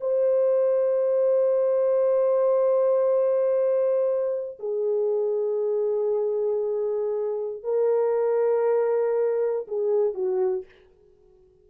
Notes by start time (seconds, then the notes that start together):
0.00 C5
4.59 G#4
7.63 A#4
9.67 G#4
10.14 F#4